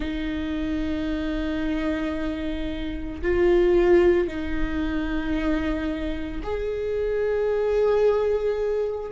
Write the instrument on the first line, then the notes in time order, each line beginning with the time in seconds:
viola
0.00 D#4
3.21 F4
4.27 D#4
6.43 G#4